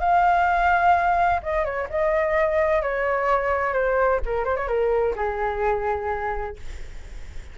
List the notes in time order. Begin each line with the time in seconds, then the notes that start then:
0.00 F5
1.43 D#5
1.64 C#5
1.90 D#5
2.83 C#5
3.74 C5
4.25 A#4
4.45 C5
4.56 C#5
4.68 A#4
5.16 G#4